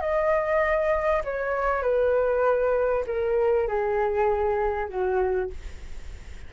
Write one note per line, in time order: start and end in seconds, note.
0.00 1.22 D#5
1.24 1.82 C#5
1.82 3.04 B4
3.06 3.68 A#4
3.68 4.89 G#4
4.89 5.50 F#4